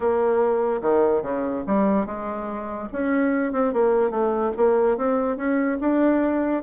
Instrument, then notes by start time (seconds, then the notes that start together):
bassoon
0.00 A#3
0.81 D#3
1.22 C#3
1.66 G3
2.06 G#3
2.92 C#4
3.52 C4
3.73 A#3
4.10 A3
4.56 A#3
4.97 C4
5.36 C#4
5.80 D4